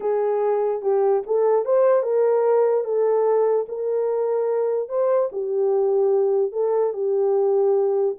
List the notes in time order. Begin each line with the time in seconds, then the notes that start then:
0.00 G#4
0.82 G4
1.26 A4
1.65 C5
2.03 A#4
2.84 A4
3.68 A#4
4.88 C5
5.32 G4
6.52 A4
6.93 G4